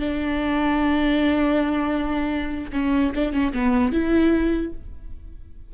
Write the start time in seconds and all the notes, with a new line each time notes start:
0.00 D4
2.73 C#4
3.15 D4
3.33 C#4
3.54 B3
3.92 E4